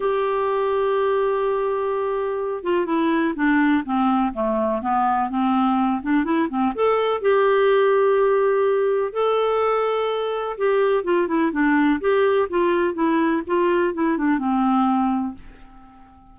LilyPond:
\new Staff \with { instrumentName = "clarinet" } { \time 4/4 \tempo 4 = 125 g'1~ | g'4. f'8 e'4 d'4 | c'4 a4 b4 c'4~ | c'8 d'8 e'8 c'8 a'4 g'4~ |
g'2. a'4~ | a'2 g'4 f'8 e'8 | d'4 g'4 f'4 e'4 | f'4 e'8 d'8 c'2 | }